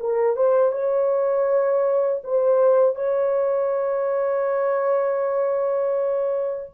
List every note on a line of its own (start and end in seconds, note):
0.00 0.36 A#4
0.36 0.72 C5
0.72 2.22 C#5
2.24 2.96 C5
2.96 6.71 C#5